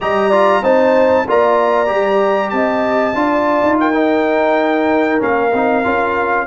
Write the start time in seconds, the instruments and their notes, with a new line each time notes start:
0.00 tuba G3, trombone G4, horn D#5, trumpet A#5
0.29 trombone F4, horn D5
0.62 tuba C4, trombone D#4, horn C5, trumpet A5
1.28 tuba A#3, trombone F4, horn D5, trumpet A#5
1.86 tuba G3, trombone G4
2.49 tuba C4, horn D#5, trumpet A5
3.14 tuba D4, trombone F4, horn D5
3.62 tuba D#4
3.79 horn A#4, trumpet G5
3.93 trombone D#4
5.19 tuba A#3, trombone C#4, trumpet F5
5.52 tuba C4, trombone D#4
5.83 tuba C#4, trombone F4